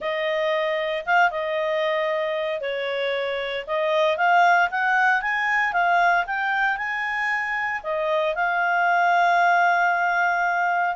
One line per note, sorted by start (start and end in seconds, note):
0.00 1.05 D#5
1.05 1.30 F5
1.30 2.60 D#5
2.60 3.65 C#5
3.66 4.17 D#5
4.17 4.69 F5
4.70 5.21 F#5
5.21 5.72 G#5
5.72 6.25 F5
6.26 6.77 G5
6.77 7.81 G#5
7.83 8.35 D#5
8.35 10.95 F5